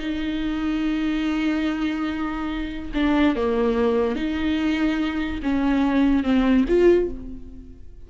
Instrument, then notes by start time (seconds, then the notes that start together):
viola
0.00 D#4
2.95 D4
3.36 A#3
4.16 D#4
5.43 C#4
6.24 C4
6.69 F4